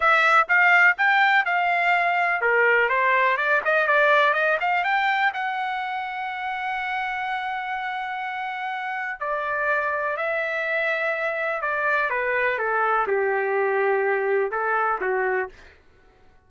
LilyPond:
\new Staff \with { instrumentName = "trumpet" } { \time 4/4 \tempo 4 = 124 e''4 f''4 g''4 f''4~ | f''4 ais'4 c''4 d''8 dis''8 | d''4 dis''8 f''8 g''4 fis''4~ | fis''1~ |
fis''2. d''4~ | d''4 e''2. | d''4 b'4 a'4 g'4~ | g'2 a'4 fis'4 | }